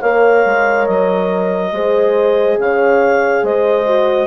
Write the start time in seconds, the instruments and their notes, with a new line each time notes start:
0.00 bassoon A#3, horn A#4 C#5, clarinet F5
0.45 bassoon G#3
0.86 bassoon F#3, clarinet D#5
1.72 bassoon G#3, horn G#4 C5
2.58 bassoon C#3, horn C#5, clarinet F5
3.43 bassoon G#3, horn C5, clarinet D#5
3.86 horn F#4